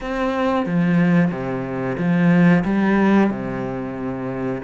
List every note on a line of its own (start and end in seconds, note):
0.00 0.66 C4
0.66 1.31 F3
1.31 1.97 C3
1.98 2.64 F3
2.64 3.30 G3
3.30 4.62 C3